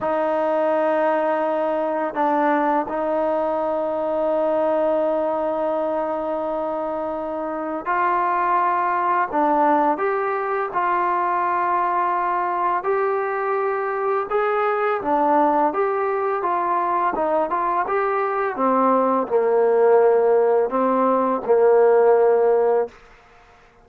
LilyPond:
\new Staff \with { instrumentName = "trombone" } { \time 4/4 \tempo 4 = 84 dis'2. d'4 | dis'1~ | dis'2. f'4~ | f'4 d'4 g'4 f'4~ |
f'2 g'2 | gis'4 d'4 g'4 f'4 | dis'8 f'8 g'4 c'4 ais4~ | ais4 c'4 ais2 | }